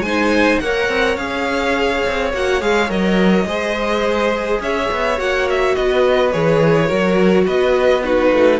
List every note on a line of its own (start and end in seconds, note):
0.00 0.57 G#3
0.00 0.63 D#4
0.00 0.62 C5
0.00 0.59 G#5
0.60 0.88 A#3
0.60 1.18 A#4
0.60 3.47 C#5
0.60 1.17 F#5
0.88 1.16 C4
1.16 2.01 C#4
1.16 2.32 G#4
1.16 2.31 F5
2.06 2.33 C4
2.33 2.61 A#3
2.33 2.61 F#4
2.33 2.62 F#5
2.61 2.90 G#3
2.61 2.89 G#4
2.61 2.90 F5
2.89 3.45 F#3
2.89 3.46 A#4
2.89 4.62 D#5
3.45 4.59 G#3
3.45 5.17 G#4
3.45 4.61 C5
4.60 4.89 C#4
4.60 5.76 C#5
4.60 5.20 E5
4.91 5.19 B3
5.17 5.76 A#3
5.17 6.32 F#4
5.17 5.48 F#5
5.49 5.75 E5
5.75 6.33 B3
5.75 6.87 B4
5.75 6.32 D#5
6.32 6.90 E3
6.32 6.88 G#4
6.32 7.46 C#5
6.87 7.47 F#3
6.87 8.02 F#4
6.87 7.44 A#4
7.46 8.32 B3
7.46 8.03 B4
7.46 8.03 D#5
8.03 8.60 D#4
8.03 8.60 F#4
8.03 8.60 B4
8.32 8.60 A3